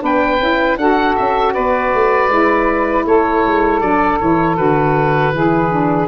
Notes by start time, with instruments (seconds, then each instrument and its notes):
0.00 tuba B3, saxophone D4 B4, oboe G5
0.40 tuba C#4, saxophone E4
0.76 tuba D4, saxophone F#4 A4, oboe F#5
1.15 tuba C#4, oboe E5
1.53 tuba B3, saxophone B4, oboe D5
1.93 tuba A3
2.28 tuba G#3, saxophone E4
3.05 tuba A3, saxophone A4, oboe C#5
3.45 tuba G#3
3.80 tuba F#3, saxophone D4, oboe D5
4.20 tuba E3, saxophone E4, oboe C#5
4.56 tuba D3, saxophone F#4, oboe B4
5.32 tuba E3, saxophone E4 G#4
5.71 saxophone D4